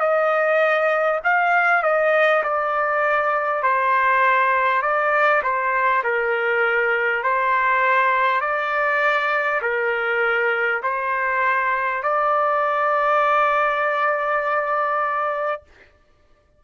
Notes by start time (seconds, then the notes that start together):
0.00 D#5
1.24 F5
1.83 D#5
2.43 D5
3.62 C5
4.82 D5
5.42 C5
6.03 A#4
7.23 C5
8.41 D5
9.62 A#4
10.83 C5
12.03 D5